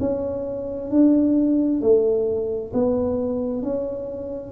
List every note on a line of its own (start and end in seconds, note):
0.00 0.90 C#4
0.90 1.81 D4
1.81 2.72 A3
2.74 3.63 B3
3.63 4.52 C#4